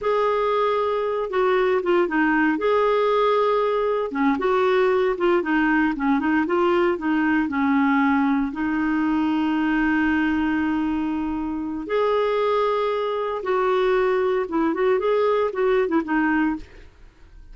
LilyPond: \new Staff \with { instrumentName = "clarinet" } { \time 4/4 \tempo 4 = 116 gis'2~ gis'8 fis'4 f'8 | dis'4 gis'2. | cis'8 fis'4. f'8 dis'4 cis'8 | dis'8 f'4 dis'4 cis'4.~ |
cis'8 dis'2.~ dis'8~ | dis'2. gis'4~ | gis'2 fis'2 | e'8 fis'8 gis'4 fis'8. e'16 dis'4 | }